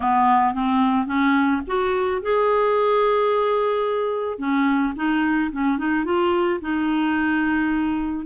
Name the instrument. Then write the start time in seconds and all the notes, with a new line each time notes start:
clarinet
0.00 B3
0.54 C4
1.06 C#4
1.67 F#4
2.22 G#4
4.38 C#4
4.95 D#4
5.52 C#4
5.77 D#4
6.04 F4
6.61 D#4